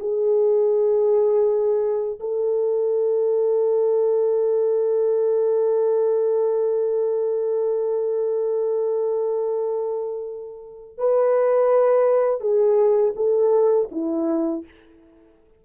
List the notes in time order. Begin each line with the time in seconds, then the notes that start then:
0.00 G#4
2.20 A4
10.98 B4
12.41 G#4
13.16 A4
13.92 E4